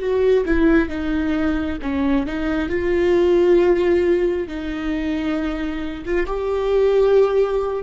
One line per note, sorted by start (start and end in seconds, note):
0.00 0.45 F#4
0.46 0.89 E4
0.89 1.79 D#4
1.83 2.27 C#4
2.27 2.70 D#4
2.70 4.48 F4
4.48 6.05 D#4
6.06 6.27 F4
6.27 7.84 G4